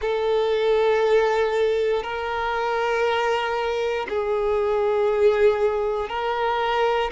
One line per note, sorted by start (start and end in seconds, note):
0.00 2.03 A4
2.03 4.06 A#4
4.09 6.09 G#4
6.09 7.10 A#4